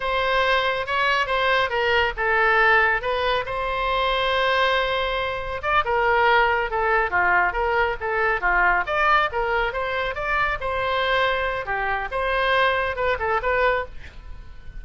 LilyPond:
\new Staff \with { instrumentName = "oboe" } { \time 4/4 \tempo 4 = 139 c''2 cis''4 c''4 | ais'4 a'2 b'4 | c''1~ | c''4 d''8 ais'2 a'8~ |
a'8 f'4 ais'4 a'4 f'8~ | f'8 d''4 ais'4 c''4 d''8~ | d''8 c''2~ c''8 g'4 | c''2 b'8 a'8 b'4 | }